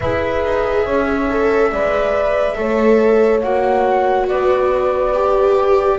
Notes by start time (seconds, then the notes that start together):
0.00 E4 G#4 B4 E5
0.44 D#4
0.85 C#4 C#5
1.30 A4
1.71 G#3 B4 D5
2.55 A3 A4 C#5
3.41 A#3 F#4 F#5
4.27 B3 B4 D5
5.13 G4